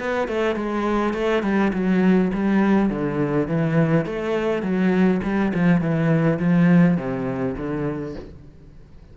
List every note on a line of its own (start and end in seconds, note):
0.00 0.28 B3
0.28 0.56 A3
0.56 1.14 G#3
1.14 1.44 A3
1.44 1.73 G3
1.74 2.32 F#3
2.34 2.90 G3
2.90 3.48 D3
3.48 4.06 E3
4.06 4.63 A3
4.63 5.21 F#3
5.24 5.53 G3
5.54 5.81 F3
5.81 6.39 E3
6.40 6.98 F3
6.98 7.56 C3
7.58 8.16 D3